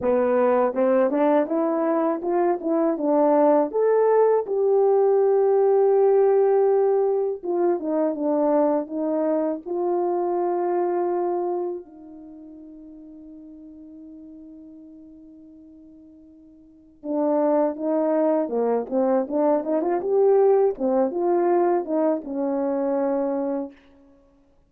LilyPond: \new Staff \with { instrumentName = "horn" } { \time 4/4 \tempo 4 = 81 b4 c'8 d'8 e'4 f'8 e'8 | d'4 a'4 g'2~ | g'2 f'8 dis'8 d'4 | dis'4 f'2. |
dis'1~ | dis'2. d'4 | dis'4 ais8 c'8 d'8 dis'16 f'16 g'4 | c'8 f'4 dis'8 cis'2 | }